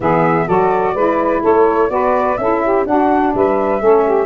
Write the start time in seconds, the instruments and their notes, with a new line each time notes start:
0.00 tuba E3, saxophone B3 G#4, flute E5
0.46 tuba F#3, saxophone F#4 A4, flute D5
0.93 tuba G#3, saxophone E4 B4
1.41 tuba A3, saxophone A4, flute C#5
1.88 tuba B3, saxophone F#4 B4, flute D5
2.37 tuba C#4, saxophone E4 A4, flute E5
2.63 saxophone G4
2.86 saxophone D4 F#4, tuba D4, flute F#5
3.34 tuba G3, saxophone B4, flute E5
3.79 tuba A3, saxophone C#4 A4
4.04 saxophone G4